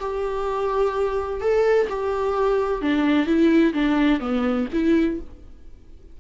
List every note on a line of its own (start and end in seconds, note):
0.00 1.41 G4
1.41 1.88 A4
1.89 2.81 G4
2.81 3.26 D4
3.26 3.73 E4
3.74 4.20 D4
4.20 4.67 B3
4.73 5.20 E4